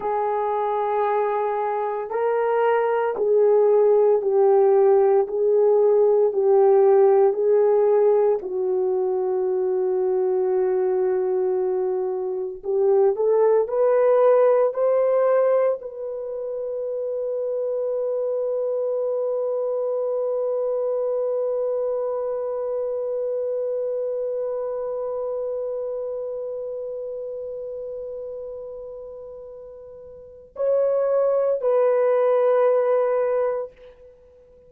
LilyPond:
\new Staff \with { instrumentName = "horn" } { \time 4/4 \tempo 4 = 57 gis'2 ais'4 gis'4 | g'4 gis'4 g'4 gis'4 | fis'1 | g'8 a'8 b'4 c''4 b'4~ |
b'1~ | b'1~ | b'1~ | b'4 cis''4 b'2 | }